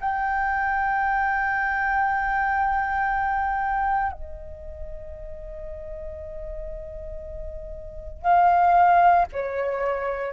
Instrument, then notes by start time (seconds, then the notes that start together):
flute
0.00 G5
4.12 D#5
8.22 F5
9.32 C#5